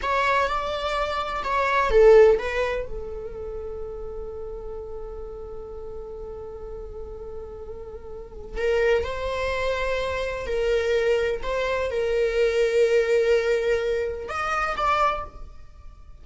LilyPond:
\new Staff \with { instrumentName = "viola" } { \time 4/4 \tempo 4 = 126 cis''4 d''2 cis''4 | a'4 b'4 a'2~ | a'1~ | a'1~ |
a'2 ais'4 c''4~ | c''2 ais'2 | c''4 ais'2.~ | ais'2 dis''4 d''4 | }